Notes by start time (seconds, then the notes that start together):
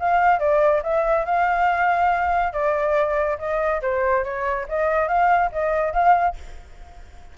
0.00 F5
0.40 D5
0.83 E5
1.25 F5
2.53 D5
3.39 D#5
3.82 C5
4.24 C#5
4.69 D#5
5.08 F5
5.52 D#5
5.93 F5